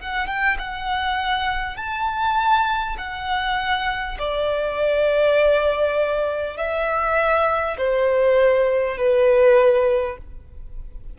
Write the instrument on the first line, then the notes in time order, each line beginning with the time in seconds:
violin
0.00 F#5
0.28 G5
0.59 F#5
1.77 A5
2.98 F#5
4.19 D5
6.58 E5
7.78 C5
8.98 B4